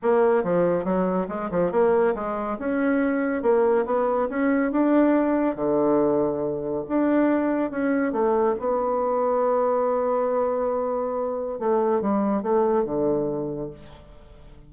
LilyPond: \new Staff \with { instrumentName = "bassoon" } { \time 4/4 \tempo 4 = 140 ais4 f4 fis4 gis8 f8 | ais4 gis4 cis'2 | ais4 b4 cis'4 d'4~ | d'4 d2. |
d'2 cis'4 a4 | b1~ | b2. a4 | g4 a4 d2 | }